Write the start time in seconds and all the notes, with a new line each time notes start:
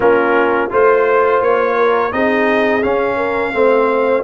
0.00 A#3 C#4 F4 A#4
0.70 A3 F4 C5
1.41 A#3 C#5
1.76 A#4
2.11 C4 D#4 G#4 D#5
2.82 C#4 F5
3.16 A#4
3.52 A3 C4 C5